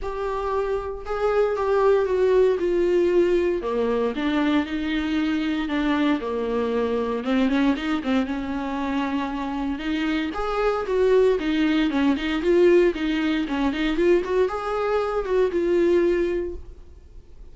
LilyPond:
\new Staff \with { instrumentName = "viola" } { \time 4/4 \tempo 4 = 116 g'2 gis'4 g'4 | fis'4 f'2 ais4 | d'4 dis'2 d'4 | ais2 c'8 cis'8 dis'8 c'8 |
cis'2. dis'4 | gis'4 fis'4 dis'4 cis'8 dis'8 | f'4 dis'4 cis'8 dis'8 f'8 fis'8 | gis'4. fis'8 f'2 | }